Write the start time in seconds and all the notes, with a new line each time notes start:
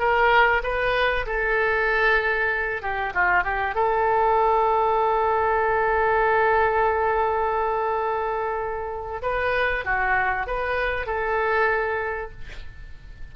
0.00 A#4
0.64 B4
1.27 A4
2.82 G4
3.14 F4
3.44 G4
3.75 A4
9.23 B4
9.85 F#4
10.47 B4
11.07 A4